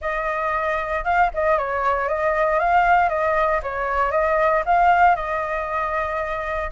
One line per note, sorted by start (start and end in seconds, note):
0.01 1.04 D#5
1.04 1.30 F5
1.34 1.58 D#5
1.58 2.08 C#5
2.08 2.59 D#5
2.59 3.09 F5
3.09 3.61 D#5
3.62 4.11 C#5
4.11 4.63 D#5
4.65 5.15 F5
5.15 6.70 D#5